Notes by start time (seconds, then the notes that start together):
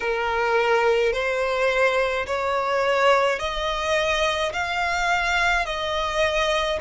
0.00 A#4
1.13 C5
2.26 C#5
3.39 D#5
4.52 F5
5.66 D#5